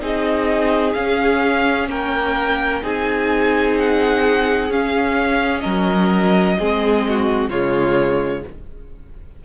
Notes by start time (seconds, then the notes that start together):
0.00 C4 D#4 G#4 D#5
0.93 C#4 F5
1.88 A#3 A#4 G5
2.82 C4 D#4 G#4 G#5
3.78 F#5
4.69 C#4 F5
5.60 F#3 A#4 D#5
6.59 G#3 C4 G#4
7.09 F#4
7.49 C#3 G#3 F4 C#5